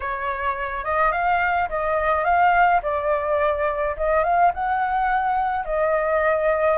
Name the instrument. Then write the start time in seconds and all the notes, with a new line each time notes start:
flute
0.00 C#5
0.84 D#5
1.12 F5
1.69 D#5
2.24 F5
2.82 D5
3.96 D#5
4.23 F5
4.54 F#5
5.65 D#5